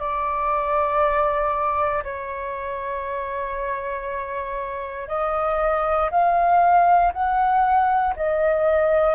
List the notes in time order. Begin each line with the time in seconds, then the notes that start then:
0.00 D5
2.04 C#5
5.08 D#5
6.11 F5
7.13 F#5
8.16 D#5